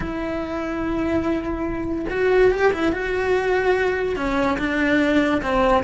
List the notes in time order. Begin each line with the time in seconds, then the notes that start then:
0.00 E4
2.09 F#4
2.51 G4
2.73 E4
2.92 F#4
4.16 C#4
4.58 D4
5.41 C4